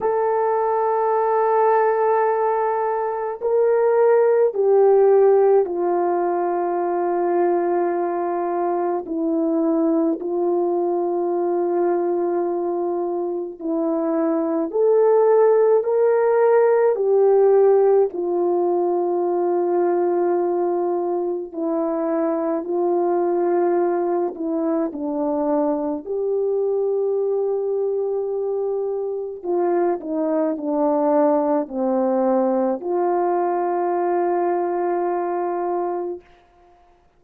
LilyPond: \new Staff \with { instrumentName = "horn" } { \time 4/4 \tempo 4 = 53 a'2. ais'4 | g'4 f'2. | e'4 f'2. | e'4 a'4 ais'4 g'4 |
f'2. e'4 | f'4. e'8 d'4 g'4~ | g'2 f'8 dis'8 d'4 | c'4 f'2. | }